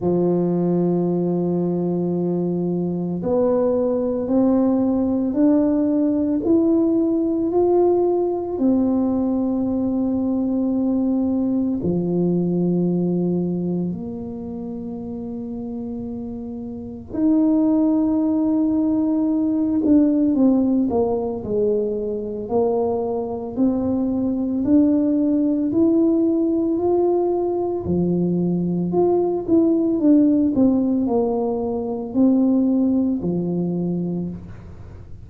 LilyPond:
\new Staff \with { instrumentName = "tuba" } { \time 4/4 \tempo 4 = 56 f2. b4 | c'4 d'4 e'4 f'4 | c'2. f4~ | f4 ais2. |
dis'2~ dis'8 d'8 c'8 ais8 | gis4 ais4 c'4 d'4 | e'4 f'4 f4 f'8 e'8 | d'8 c'8 ais4 c'4 f4 | }